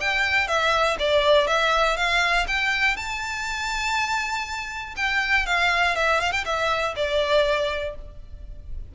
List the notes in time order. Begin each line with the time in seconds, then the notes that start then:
0.00 G5
0.47 E5
0.99 D5
1.47 E5
1.97 F5
2.47 G5
2.96 A5
4.96 G5
5.46 F5
5.95 E5
6.20 F5
6.32 G5
6.45 E5
6.96 D5